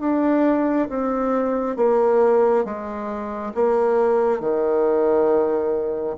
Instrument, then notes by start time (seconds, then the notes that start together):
bassoon
0.00 D4
0.89 C4
1.76 A#3
2.64 G#3
3.54 A#3
4.40 D#3